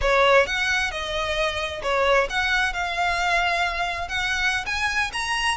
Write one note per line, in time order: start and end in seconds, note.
0.01 0.46 C#5
0.46 0.91 F#5
0.91 1.82 D#5
1.82 2.28 C#5
2.29 2.73 F#5
2.73 4.08 F5
4.08 4.65 F#5
4.65 5.11 G#5
5.13 5.57 A#5